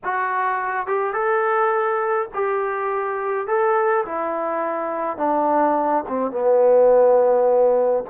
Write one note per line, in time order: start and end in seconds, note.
0.04 0.87 F#4
0.87 1.13 G4
1.13 2.28 A4
2.33 3.47 G4
3.47 4.04 A4
4.05 5.17 E4
5.17 6.03 D4
6.08 6.31 C4
6.31 8.04 B3